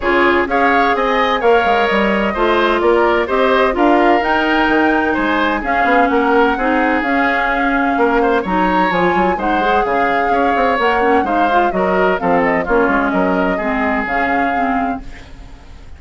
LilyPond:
<<
  \new Staff \with { instrumentName = "flute" } { \time 4/4 \tempo 4 = 128 cis''4 f''4 gis''4 f''4 | dis''2 d''4 dis''4 | f''4 g''2 gis''4 | f''4 fis''2 f''4~ |
f''2 ais''4 gis''4 | fis''4 f''2 fis''4 | f''4 dis''4 f''8 dis''8 cis''4 | dis''2 f''2 | }
  \new Staff \with { instrumentName = "oboe" } { \time 4/4 gis'4 cis''4 dis''4 cis''4~ | cis''4 c''4 ais'4 c''4 | ais'2. c''4 | gis'4 ais'4 gis'2~ |
gis'4 ais'8 c''8 cis''2 | c''4 gis'4 cis''2 | c''4 ais'4 a'4 f'4 | ais'4 gis'2. | }
  \new Staff \with { instrumentName = "clarinet" } { \time 4/4 f'4 gis'2 ais'4~ | ais'4 f'2 g'4 | f'4 dis'2. | cis'2 dis'4 cis'4~ |
cis'2 dis'4 f'4 | dis'8 gis'2~ gis'8 ais'8 cis'8 | dis'8 f'8 fis'4 c'4 cis'4~ | cis'4 c'4 cis'4 c'4 | }
  \new Staff \with { instrumentName = "bassoon" } { \time 4/4 cis4 cis'4 c'4 ais8 gis8 | g4 a4 ais4 c'4 | d'4 dis'4 dis4 gis4 | cis'8 b8 ais4 c'4 cis'4~ |
cis'4 ais4 fis4 f8 fis8 | gis4 cis4 cis'8 c'8 ais4 | gis4 fis4 f4 ais8 gis8 | fis4 gis4 cis2 | }
>>